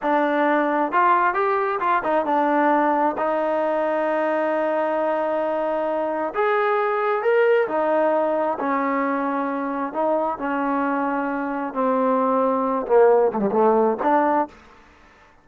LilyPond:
\new Staff \with { instrumentName = "trombone" } { \time 4/4 \tempo 4 = 133 d'2 f'4 g'4 | f'8 dis'8 d'2 dis'4~ | dis'1~ | dis'2 gis'2 |
ais'4 dis'2 cis'4~ | cis'2 dis'4 cis'4~ | cis'2 c'2~ | c'8 ais4 a16 g16 a4 d'4 | }